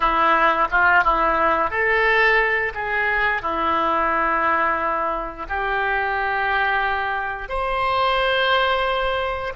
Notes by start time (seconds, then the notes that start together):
0.00 E4
0.70 F4
1.04 E4
1.70 A4
2.74 G#4
3.42 E4
5.49 G4
7.48 C5